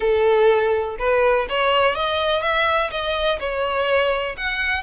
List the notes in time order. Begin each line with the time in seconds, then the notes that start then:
0.00 A4
0.98 B4
1.49 C#5
1.95 D#5
2.41 E5
2.90 D#5
3.39 C#5
4.37 F#5